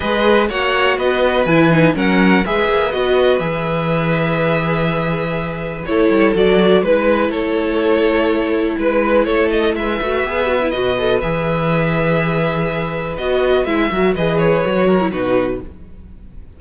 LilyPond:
<<
  \new Staff \with { instrumentName = "violin" } { \time 4/4 \tempo 4 = 123 dis''4 fis''4 dis''4 gis''4 | fis''4 e''4 dis''4 e''4~ | e''1 | cis''4 d''4 b'4 cis''4~ |
cis''2 b'4 cis''8 dis''8 | e''2 dis''4 e''4~ | e''2. dis''4 | e''4 dis''8 cis''4. b'4 | }
  \new Staff \with { instrumentName = "violin" } { \time 4/4 b'4 cis''4 b'2 | ais'4 b'2.~ | b'1 | a'2 b'4 a'4~ |
a'2 b'4 a'4 | b'1~ | b'1~ | b'8 ais'8 b'4. ais'8 fis'4 | }
  \new Staff \with { instrumentName = "viola" } { \time 4/4 gis'4 fis'2 e'8 dis'8 | cis'4 gis'4 fis'4 gis'4~ | gis'1 | e'4 fis'4 e'2~ |
e'1~ | e'8 fis'8 gis'8 fis'16 e'16 fis'8 a'8 gis'4~ | gis'2. fis'4 | e'8 fis'8 gis'4 fis'8. e'16 dis'4 | }
  \new Staff \with { instrumentName = "cello" } { \time 4/4 gis4 ais4 b4 e4 | fis4 gis8 ais8 b4 e4~ | e1 | a8 g8 fis4 gis4 a4~ |
a2 gis4 a4 | gis8 a8 b4 b,4 e4~ | e2. b4 | gis8 fis8 e4 fis4 b,4 | }
>>